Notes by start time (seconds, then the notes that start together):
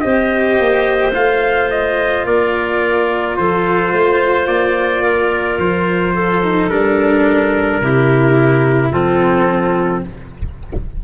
0.00 C4 G4 C5 D#5
0.59 A#3
1.13 A3 F4 F5
1.70 D#5
2.25 A#3 A#4 D5
3.37 F3 A4 C5
3.92 A3 C5
4.46 A#3 D5
5.03 A#4
5.58 F3 C5
6.14 A4
6.43 D#4
6.69 G3 D4 A#4
7.80 C3 E4 G4
8.91 F3 C4 F4 A4